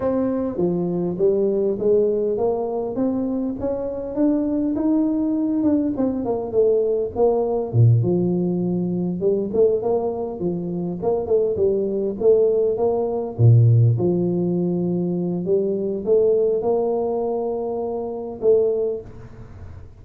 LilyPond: \new Staff \with { instrumentName = "tuba" } { \time 4/4 \tempo 4 = 101 c'4 f4 g4 gis4 | ais4 c'4 cis'4 d'4 | dis'4. d'8 c'8 ais8 a4 | ais4 ais,8 f2 g8 |
a8 ais4 f4 ais8 a8 g8~ | g8 a4 ais4 ais,4 f8~ | f2 g4 a4 | ais2. a4 | }